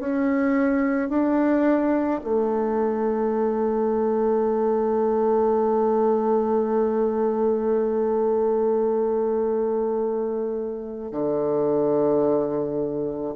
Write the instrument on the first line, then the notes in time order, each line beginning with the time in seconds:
bassoon
0.00 C#4
1.10 D4
2.24 A3
11.12 D3